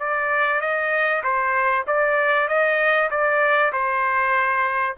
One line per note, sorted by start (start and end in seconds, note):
0.00 0.61 D5
0.61 1.23 D#5
1.24 1.86 C5
1.87 2.49 D5
2.49 3.10 D#5
3.11 3.73 D5
3.73 4.97 C5